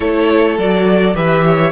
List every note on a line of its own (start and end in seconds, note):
0.00 0.57 A3
0.00 0.58 E4
0.00 1.15 A4
0.00 0.58 C#5
0.57 1.15 F#3
0.57 1.14 F#4
0.57 1.16 D5
1.14 1.72 E3
1.14 1.72 G4
1.14 1.44 B4
1.14 1.72 E5
1.45 1.72 C#5